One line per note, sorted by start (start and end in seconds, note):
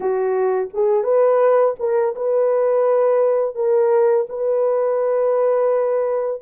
0.00 0.68 F#4
0.73 1.03 G#4
1.03 1.75 B4
1.79 2.15 A#4
2.15 3.55 B4
3.55 4.26 A#4
4.29 6.41 B4